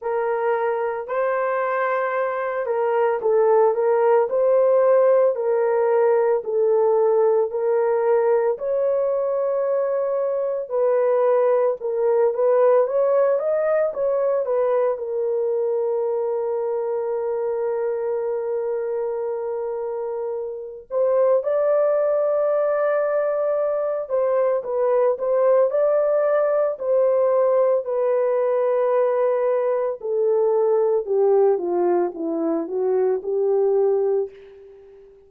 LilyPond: \new Staff \with { instrumentName = "horn" } { \time 4/4 \tempo 4 = 56 ais'4 c''4. ais'8 a'8 ais'8 | c''4 ais'4 a'4 ais'4 | cis''2 b'4 ais'8 b'8 | cis''8 dis''8 cis''8 b'8 ais'2~ |
ais'2.~ ais'8 c''8 | d''2~ d''8 c''8 b'8 c''8 | d''4 c''4 b'2 | a'4 g'8 f'8 e'8 fis'8 g'4 | }